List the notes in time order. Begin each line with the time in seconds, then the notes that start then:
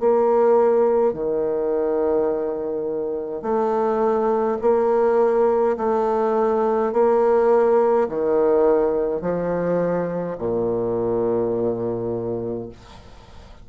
0.00 A#3
1.13 D#3
3.42 A3
4.61 A#3
5.77 A3
6.93 A#3
8.09 D#3
9.22 F3
10.38 A#2